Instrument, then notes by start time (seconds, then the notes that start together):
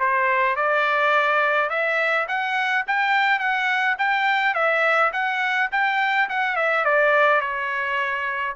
trumpet
0.00 C5
0.56 D5
1.70 E5
2.28 F#5
2.88 G5
3.39 F#5
3.98 G5
4.55 E5
5.13 F#5
5.72 G5
6.30 F#5
6.56 E5
6.85 D5
7.41 C#5